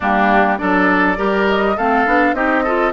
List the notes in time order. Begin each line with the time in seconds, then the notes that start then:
0.00 G3 A#3 D4 G4
0.58 F#3 D4 A4 D5
1.16 G3 G4 A#4
1.48 D#5
1.77 A3 C4 A4 F5
2.06 B3 D4
2.33 C4 D#4 G4 D#5
2.63 F4 A4